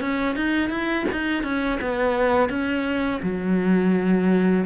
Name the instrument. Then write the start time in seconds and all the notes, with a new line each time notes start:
cello
0.00 C#4
0.36 D#4
0.70 E4
1.12 D#4
1.44 C#4
1.81 B3
2.49 C#4
3.22 F#3